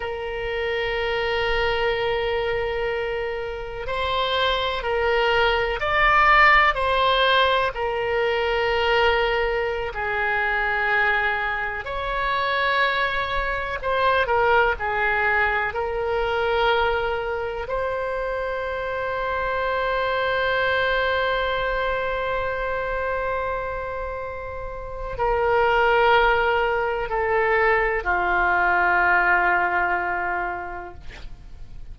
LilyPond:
\new Staff \with { instrumentName = "oboe" } { \time 4/4 \tempo 4 = 62 ais'1 | c''4 ais'4 d''4 c''4 | ais'2~ ais'16 gis'4.~ gis'16~ | gis'16 cis''2 c''8 ais'8 gis'8.~ |
gis'16 ais'2 c''4.~ c''16~ | c''1~ | c''2 ais'2 | a'4 f'2. | }